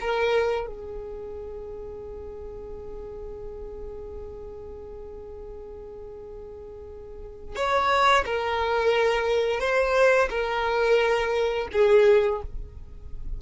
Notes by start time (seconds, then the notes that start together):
0.00 A#4
0.66 G#4
7.55 C#5
8.26 A#4
9.60 C5
10.30 A#4
11.72 G#4